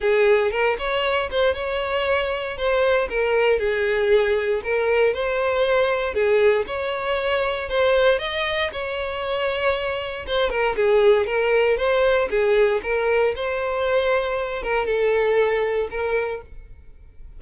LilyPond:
\new Staff \with { instrumentName = "violin" } { \time 4/4 \tempo 4 = 117 gis'4 ais'8 cis''4 c''8 cis''4~ | cis''4 c''4 ais'4 gis'4~ | gis'4 ais'4 c''2 | gis'4 cis''2 c''4 |
dis''4 cis''2. | c''8 ais'8 gis'4 ais'4 c''4 | gis'4 ais'4 c''2~ | c''8 ais'8 a'2 ais'4 | }